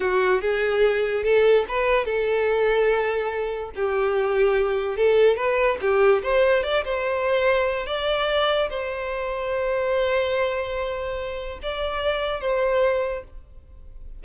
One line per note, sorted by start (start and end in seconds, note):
0.00 0.41 F#4
0.41 1.23 G#4
1.23 1.65 A4
1.68 2.05 B4
2.05 3.71 A4
3.75 4.96 G4
4.96 5.36 A4
5.36 5.77 B4
5.81 6.22 G4
6.23 6.63 C5
6.63 6.84 D5
6.84 7.86 C5
7.86 8.69 D5
8.69 11.59 C5
11.62 12.40 D5
12.40 13.23 C5